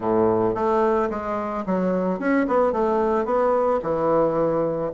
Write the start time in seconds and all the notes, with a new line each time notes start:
0.00 A2
0.54 A3
1.10 G#3
1.65 F#3
2.19 C#4
2.47 B3
2.72 A3
3.25 B3
3.82 E3